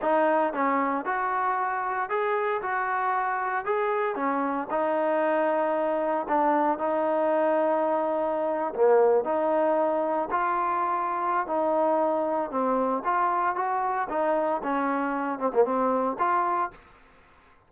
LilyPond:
\new Staff \with { instrumentName = "trombone" } { \time 4/4 \tempo 4 = 115 dis'4 cis'4 fis'2 | gis'4 fis'2 gis'4 | cis'4 dis'2. | d'4 dis'2.~ |
dis'8. ais4 dis'2 f'16~ | f'2 dis'2 | c'4 f'4 fis'4 dis'4 | cis'4. c'16 ais16 c'4 f'4 | }